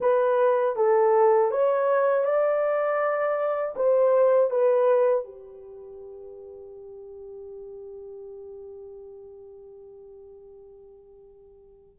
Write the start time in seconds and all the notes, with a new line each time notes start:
0.00 B4
0.76 A4
1.51 C#5
2.24 D5
3.75 C5
4.50 B4
5.24 G4